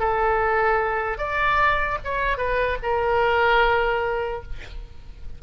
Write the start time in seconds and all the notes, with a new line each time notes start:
0.00 A4
1.18 D5
2.04 C#5
2.38 B4
2.83 A#4